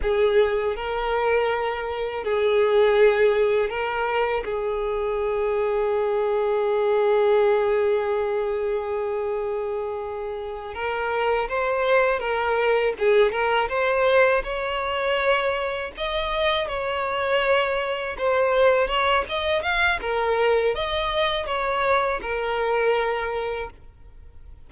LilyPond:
\new Staff \with { instrumentName = "violin" } { \time 4/4 \tempo 4 = 81 gis'4 ais'2 gis'4~ | gis'4 ais'4 gis'2~ | gis'1~ | gis'2~ gis'8 ais'4 c''8~ |
c''8 ais'4 gis'8 ais'8 c''4 cis''8~ | cis''4. dis''4 cis''4.~ | cis''8 c''4 cis''8 dis''8 f''8 ais'4 | dis''4 cis''4 ais'2 | }